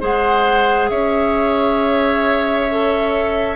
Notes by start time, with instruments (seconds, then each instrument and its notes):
0.00 bassoon G#3, clarinet G#4, oboe C5, flute F#5
0.89 bassoon C#4, oboe C#5, flute E5
2.70 clarinet A4